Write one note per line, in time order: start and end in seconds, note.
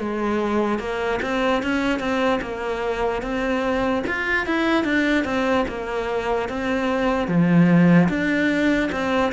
0.00 0.80 G#3
0.80 1.20 A#3
1.22 1.63 C4
1.63 2.00 C#4
2.00 2.40 C4
2.42 3.23 A#3
3.23 4.04 C4
4.08 4.47 F4
4.47 4.85 E4
4.85 5.25 D4
5.25 5.66 C4
5.69 6.49 A#3
6.49 7.28 C4
7.28 8.09 F3
8.09 8.90 D4
8.92 9.33 C4